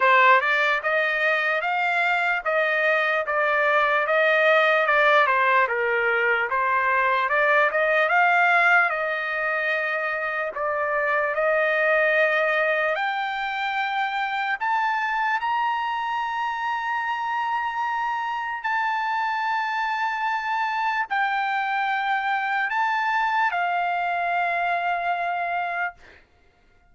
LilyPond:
\new Staff \with { instrumentName = "trumpet" } { \time 4/4 \tempo 4 = 74 c''8 d''8 dis''4 f''4 dis''4 | d''4 dis''4 d''8 c''8 ais'4 | c''4 d''8 dis''8 f''4 dis''4~ | dis''4 d''4 dis''2 |
g''2 a''4 ais''4~ | ais''2. a''4~ | a''2 g''2 | a''4 f''2. | }